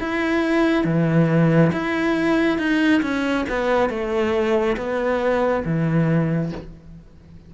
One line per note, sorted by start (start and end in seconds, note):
0.00 0.84 E4
0.84 1.71 E3
1.72 2.58 E4
2.58 3.02 D#4
3.02 3.45 C#4
3.49 3.90 B3
3.90 4.77 A3
4.77 5.64 B3
5.65 6.52 E3